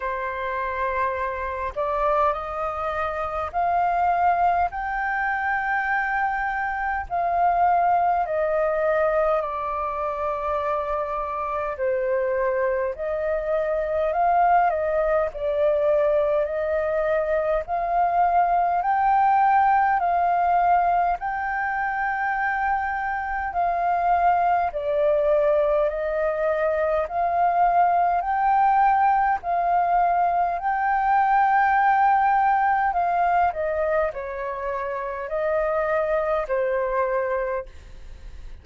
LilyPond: \new Staff \with { instrumentName = "flute" } { \time 4/4 \tempo 4 = 51 c''4. d''8 dis''4 f''4 | g''2 f''4 dis''4 | d''2 c''4 dis''4 | f''8 dis''8 d''4 dis''4 f''4 |
g''4 f''4 g''2 | f''4 d''4 dis''4 f''4 | g''4 f''4 g''2 | f''8 dis''8 cis''4 dis''4 c''4 | }